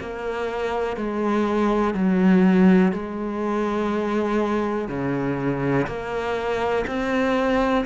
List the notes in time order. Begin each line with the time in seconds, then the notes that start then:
0.00 A#3
0.97 G#3
1.94 F#3
2.92 G#3
4.88 C#3
5.87 A#3
6.87 C4